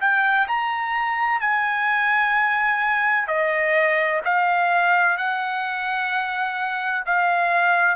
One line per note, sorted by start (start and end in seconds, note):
0.00 0.47 G5
0.47 1.40 A#5
1.40 3.27 G#5
3.27 4.21 D#5
4.24 5.17 F5
5.17 7.04 F#5
7.05 7.96 F5